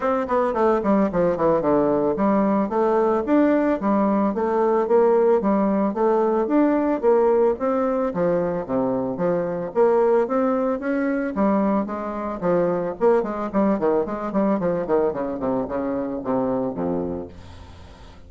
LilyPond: \new Staff \with { instrumentName = "bassoon" } { \time 4/4 \tempo 4 = 111 c'8 b8 a8 g8 f8 e8 d4 | g4 a4 d'4 g4 | a4 ais4 g4 a4 | d'4 ais4 c'4 f4 |
c4 f4 ais4 c'4 | cis'4 g4 gis4 f4 | ais8 gis8 g8 dis8 gis8 g8 f8 dis8 | cis8 c8 cis4 c4 f,4 | }